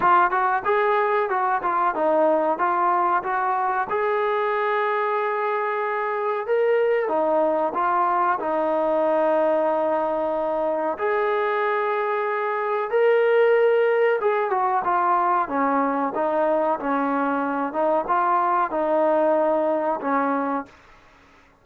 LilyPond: \new Staff \with { instrumentName = "trombone" } { \time 4/4 \tempo 4 = 93 f'8 fis'8 gis'4 fis'8 f'8 dis'4 | f'4 fis'4 gis'2~ | gis'2 ais'4 dis'4 | f'4 dis'2.~ |
dis'4 gis'2. | ais'2 gis'8 fis'8 f'4 | cis'4 dis'4 cis'4. dis'8 | f'4 dis'2 cis'4 | }